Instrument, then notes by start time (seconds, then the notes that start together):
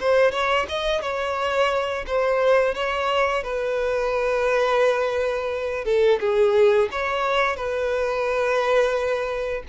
violin
0.00 C5
0.31 C#5
0.68 D#5
1.01 C#5
2.07 C5
2.75 C#5
3.43 B4
5.85 A4
6.20 G#4
6.91 C#5
7.56 B4